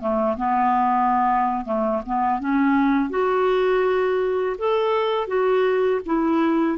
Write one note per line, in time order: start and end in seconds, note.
0.00 0.37 A3
0.37 1.65 B3
1.65 2.02 A3
2.06 2.40 B3
2.40 3.10 C#4
3.10 4.56 F#4
4.58 5.27 A4
5.27 6.01 F#4
6.06 6.78 E4